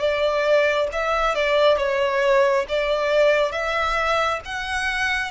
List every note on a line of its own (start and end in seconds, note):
0.00 0.88 D5
0.93 1.35 E5
1.35 1.78 D5
1.78 2.66 C#5
2.69 3.53 D5
3.53 4.41 E5
4.46 5.32 F#5